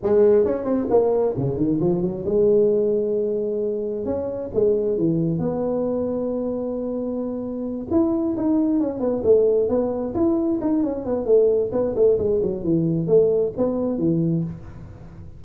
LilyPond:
\new Staff \with { instrumentName = "tuba" } { \time 4/4 \tempo 4 = 133 gis4 cis'8 c'8 ais4 cis8 dis8 | f8 fis8 gis2.~ | gis4 cis'4 gis4 e4 | b1~ |
b4. e'4 dis'4 cis'8 | b8 a4 b4 e'4 dis'8 | cis'8 b8 a4 b8 a8 gis8 fis8 | e4 a4 b4 e4 | }